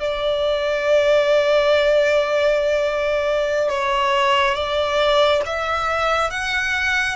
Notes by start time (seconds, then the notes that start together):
0.00 D5
3.69 C#5
4.55 D5
5.45 E5
6.30 F#5